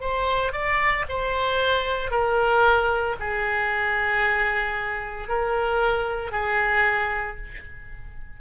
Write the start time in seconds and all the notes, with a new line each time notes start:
0.00 C5
0.52 D5
1.09 C5
2.11 A#4
3.19 G#4
5.28 A#4
6.31 G#4